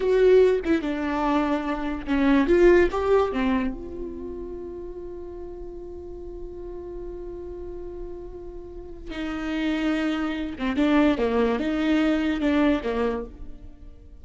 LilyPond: \new Staff \with { instrumentName = "viola" } { \time 4/4 \tempo 4 = 145 fis'4. e'8 d'2~ | d'4 cis'4 f'4 g'4 | c'4 f'2.~ | f'1~ |
f'1~ | f'2 dis'2~ | dis'4. c'8 d'4 ais4 | dis'2 d'4 ais4 | }